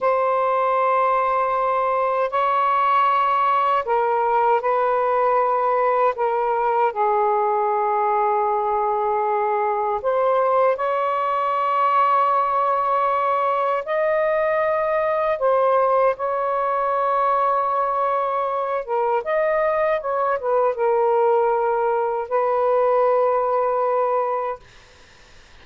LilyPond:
\new Staff \with { instrumentName = "saxophone" } { \time 4/4 \tempo 4 = 78 c''2. cis''4~ | cis''4 ais'4 b'2 | ais'4 gis'2.~ | gis'4 c''4 cis''2~ |
cis''2 dis''2 | c''4 cis''2.~ | cis''8 ais'8 dis''4 cis''8 b'8 ais'4~ | ais'4 b'2. | }